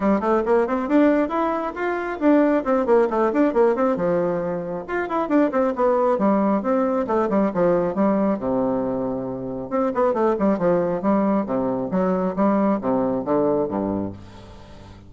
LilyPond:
\new Staff \with { instrumentName = "bassoon" } { \time 4/4 \tempo 4 = 136 g8 a8 ais8 c'8 d'4 e'4 | f'4 d'4 c'8 ais8 a8 d'8 | ais8 c'8 f2 f'8 e'8 | d'8 c'8 b4 g4 c'4 |
a8 g8 f4 g4 c4~ | c2 c'8 b8 a8 g8 | f4 g4 c4 fis4 | g4 c4 d4 g,4 | }